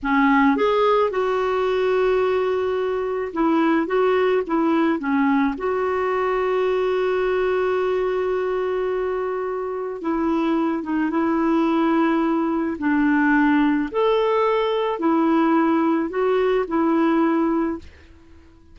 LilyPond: \new Staff \with { instrumentName = "clarinet" } { \time 4/4 \tempo 4 = 108 cis'4 gis'4 fis'2~ | fis'2 e'4 fis'4 | e'4 cis'4 fis'2~ | fis'1~ |
fis'2 e'4. dis'8 | e'2. d'4~ | d'4 a'2 e'4~ | e'4 fis'4 e'2 | }